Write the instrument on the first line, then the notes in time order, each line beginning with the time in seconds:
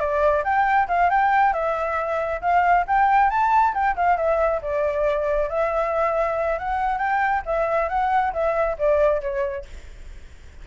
flute
0.00 D5
0.44 G5
0.88 F5
1.10 G5
1.53 E5
2.41 F5
2.88 G5
3.30 A5
3.74 G5
3.96 F5
4.17 E5
4.62 D5
5.49 E5
6.59 F#5
6.98 G5
7.46 E5
7.89 F#5
8.33 E5
8.79 D5
9.21 C#5